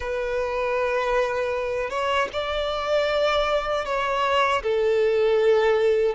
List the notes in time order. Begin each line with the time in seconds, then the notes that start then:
0.00 B4
1.90 C#5
2.33 D5
3.85 C#5
4.62 A4